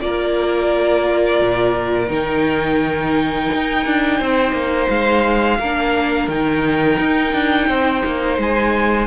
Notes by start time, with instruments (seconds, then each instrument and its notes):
0.00 cello A#3, viola F4, violin A#4 D5
1.41 cello A#2
2.07 cello D#3, viola D#4, violin G5
3.55 cello D#4
3.86 cello D4
4.18 cello C4, violin C5
4.52 cello A#3
4.89 cello G#3, violin F5
5.59 cello A#3, viola D4, violin A#4
6.27 cello D#3, viola D#4, violin G5
6.99 cello D#4
7.33 cello D4
7.68 cello C4, violin C5
8.05 cello A#3
8.38 cello G#3, violin G#5